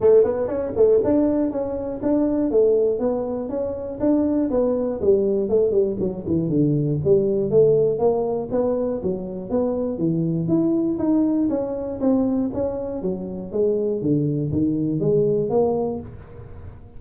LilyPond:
\new Staff \with { instrumentName = "tuba" } { \time 4/4 \tempo 4 = 120 a8 b8 cis'8 a8 d'4 cis'4 | d'4 a4 b4 cis'4 | d'4 b4 g4 a8 g8 | fis8 e8 d4 g4 a4 |
ais4 b4 fis4 b4 | e4 e'4 dis'4 cis'4 | c'4 cis'4 fis4 gis4 | d4 dis4 gis4 ais4 | }